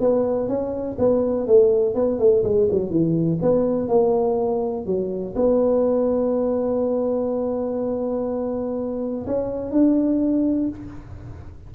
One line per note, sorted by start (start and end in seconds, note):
0.00 0.48 B3
0.48 0.97 C#4
0.98 1.47 B3
1.47 1.94 A3
1.94 2.18 B3
2.18 2.43 A3
2.44 2.68 G#3
2.71 2.90 F#3
2.90 3.39 E3
3.41 3.88 B3
3.88 4.85 A#3
4.85 5.34 F#3
5.35 9.25 B3
9.26 9.71 C#4
9.71 10.69 D4